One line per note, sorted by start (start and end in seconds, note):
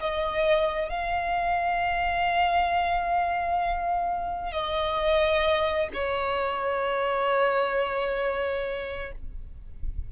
0.00 0.89 D#5
0.89 4.52 F5
4.52 5.88 D#5
5.93 9.12 C#5